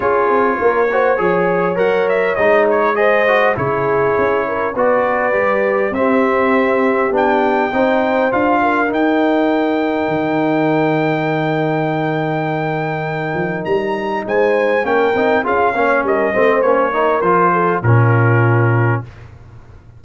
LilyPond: <<
  \new Staff \with { instrumentName = "trumpet" } { \time 4/4 \tempo 4 = 101 cis''2. fis''8 e''8 | dis''8 cis''8 dis''4 cis''2 | d''2 e''2 | g''2 f''4 g''4~ |
g''1~ | g''2. ais''4 | gis''4 g''4 f''4 dis''4 | cis''4 c''4 ais'2 | }
  \new Staff \with { instrumentName = "horn" } { \time 4/4 gis'4 ais'8 c''8 cis''2~ | cis''4 c''4 gis'4. ais'8 | b'2 g'2~ | g'4 c''4. ais'4.~ |
ais'1~ | ais'1 | c''4 ais'4 gis'8 cis''8 ais'8 c''8~ | c''8 ais'4 a'8 f'2 | }
  \new Staff \with { instrumentName = "trombone" } { \time 4/4 f'4. fis'8 gis'4 ais'4 | dis'4 gis'8 fis'8 e'2 | fis'4 g'4 c'2 | d'4 dis'4 f'4 dis'4~ |
dis'1~ | dis'1~ | dis'4 cis'8 dis'8 f'8 cis'4 c'8 | cis'8 dis'8 f'4 cis'2 | }
  \new Staff \with { instrumentName = "tuba" } { \time 4/4 cis'8 c'8 ais4 f4 fis4 | gis2 cis4 cis'4 | b4 g4 c'2 | b4 c'4 d'4 dis'4~ |
dis'4 dis2.~ | dis2~ dis8 f8 g4 | gis4 ais8 c'8 cis'8 ais8 g8 a8 | ais4 f4 ais,2 | }
>>